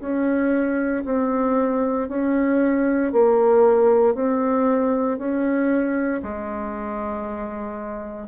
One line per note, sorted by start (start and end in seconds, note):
0.00 1.03 C#4
1.05 2.08 C4
2.08 3.12 C#4
3.12 4.15 A#3
4.15 5.18 C4
5.18 6.22 C#4
6.23 8.28 G#3